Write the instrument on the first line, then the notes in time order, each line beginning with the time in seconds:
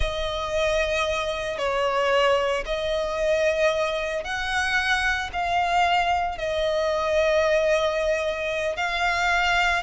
violin
0.00 D#5
1.57 C#5
2.65 D#5
4.24 F#5
5.32 F5
6.37 D#5
8.76 F5